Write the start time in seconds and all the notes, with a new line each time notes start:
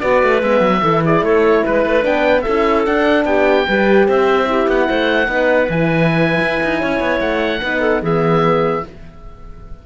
0.00 B3 F#4 B4 D5
0.23 A3
0.42 G#3 B3 E5
0.60 F#3
0.82 E3 E4 A4
1.04 G#4 D5
1.22 A3 A4 C#5
1.64 G#3 B4
1.85 A3
2.02 B3 D4 G5
2.42 C#4 A4 E5
2.48 E4
2.86 D4 F#5
3.25 B3 G4 G5
3.67 G3 G4 B4
4.07 C4 C5 E5
4.45 E4 G4
4.68 B3 F#5
4.87 A3 C5
5.28 B3 D#4 B4
5.69 E3 E4 G#5
6.41 E4
6.63 D#4
6.80 C#4 C#5
7.00 B3
7.21 A3 F#5
7.61 B3 D#4 B4
7.81 A4
8.02 E3 B3 G#4 E5